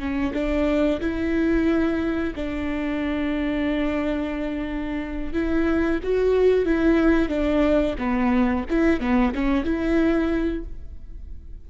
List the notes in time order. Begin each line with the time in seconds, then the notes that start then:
0.00 C#4
0.34 D4
1.01 E4
2.36 D4
5.34 E4
6.04 F#4
6.66 E4
7.29 D4
7.99 B3
8.71 E4
9.01 B3
9.35 C#4
9.65 E4